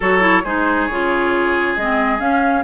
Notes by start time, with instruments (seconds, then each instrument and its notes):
0.00 bassoon F#3, clarinet F#4, oboe A4, flute C#5
0.20 clarinet E4
0.43 bassoon G#3, clarinet D#4, oboe G#4, flute C5
0.86 bassoon C#3, clarinet F4, flute C#5
1.76 bassoon G#3, clarinet C4, flute D#5
2.19 clarinet C#4, bassoon C#4, flute F5